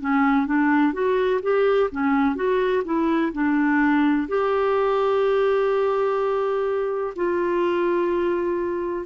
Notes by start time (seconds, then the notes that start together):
0.00 C#4
0.46 D4
0.93 F#4
1.42 G4
1.91 C#4
2.35 F#4
2.84 E4
3.32 D4
4.28 G4
7.16 F4